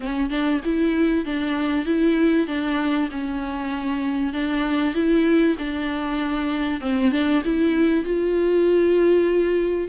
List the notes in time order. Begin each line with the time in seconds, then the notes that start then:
0.00 C#4
0.30 D4
0.64 E4
1.25 D4
1.85 E4
2.47 D4
3.11 C#4
4.33 D4
4.94 E4
5.58 D4
6.80 C4
7.11 D4
7.44 E4
8.04 F4